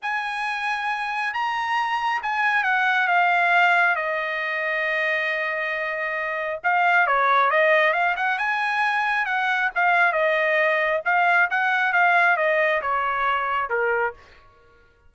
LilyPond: \new Staff \with { instrumentName = "trumpet" } { \time 4/4 \tempo 4 = 136 gis''2. ais''4~ | ais''4 gis''4 fis''4 f''4~ | f''4 dis''2.~ | dis''2. f''4 |
cis''4 dis''4 f''8 fis''8 gis''4~ | gis''4 fis''4 f''4 dis''4~ | dis''4 f''4 fis''4 f''4 | dis''4 cis''2 ais'4 | }